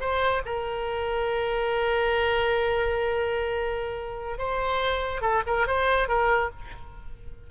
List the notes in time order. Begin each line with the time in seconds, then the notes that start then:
0.00 C5
0.45 A#4
4.38 C5
5.21 A4
5.46 A#4
5.67 C5
6.08 A#4